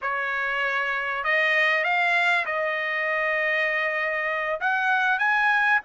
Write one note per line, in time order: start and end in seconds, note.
0.01 1.24 C#5
1.24 1.83 D#5
1.83 2.45 F5
2.45 4.59 D#5
4.60 5.18 F#5
5.18 5.80 G#5